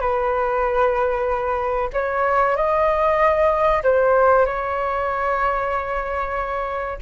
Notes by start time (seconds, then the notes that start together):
0.00 B4
1.93 C#5
2.56 D#5
3.83 C5
4.46 C#5